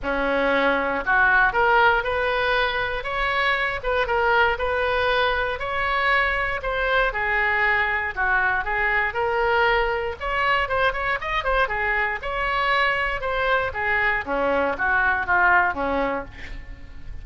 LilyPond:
\new Staff \with { instrumentName = "oboe" } { \time 4/4 \tempo 4 = 118 cis'2 fis'4 ais'4 | b'2 cis''4. b'8 | ais'4 b'2 cis''4~ | cis''4 c''4 gis'2 |
fis'4 gis'4 ais'2 | cis''4 c''8 cis''8 dis''8 c''8 gis'4 | cis''2 c''4 gis'4 | cis'4 fis'4 f'4 cis'4 | }